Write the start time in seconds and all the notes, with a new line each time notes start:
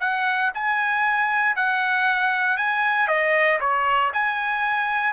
0.00 F#5
0.54 G#5
1.55 F#5
2.57 G#5
3.08 D#5
3.60 C#5
4.13 G#5